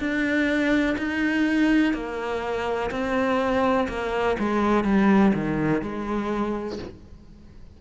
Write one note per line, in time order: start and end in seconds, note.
0.00 0.97 D4
0.99 1.94 D#4
1.94 2.91 A#3
2.91 3.88 C4
3.89 4.37 A#3
4.39 4.84 G#3
4.84 5.33 G3
5.34 5.83 D#3
5.83 6.80 G#3